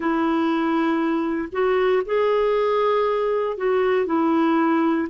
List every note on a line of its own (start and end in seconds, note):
0.00 1.48 E4
1.52 2.02 F#4
2.05 3.57 G#4
3.57 4.06 F#4
4.06 5.08 E4